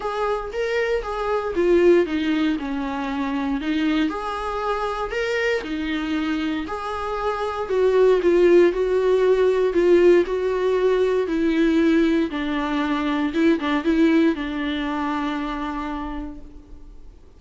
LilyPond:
\new Staff \with { instrumentName = "viola" } { \time 4/4 \tempo 4 = 117 gis'4 ais'4 gis'4 f'4 | dis'4 cis'2 dis'4 | gis'2 ais'4 dis'4~ | dis'4 gis'2 fis'4 |
f'4 fis'2 f'4 | fis'2 e'2 | d'2 e'8 d'8 e'4 | d'1 | }